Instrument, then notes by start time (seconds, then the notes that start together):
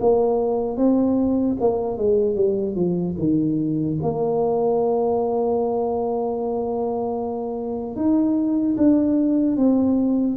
tuba
0.00 A#3
0.76 C4
1.60 A#3
1.97 G#3
2.35 G3
2.75 F3
3.18 D#3
4.02 A#3
7.96 D#4
8.77 D4
9.56 C4